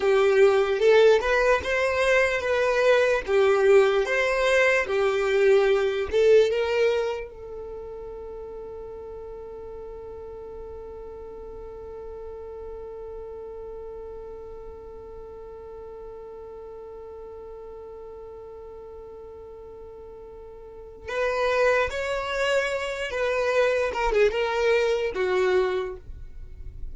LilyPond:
\new Staff \with { instrumentName = "violin" } { \time 4/4 \tempo 4 = 74 g'4 a'8 b'8 c''4 b'4 | g'4 c''4 g'4. a'8 | ais'4 a'2.~ | a'1~ |
a'1~ | a'1~ | a'2 b'4 cis''4~ | cis''8 b'4 ais'16 gis'16 ais'4 fis'4 | }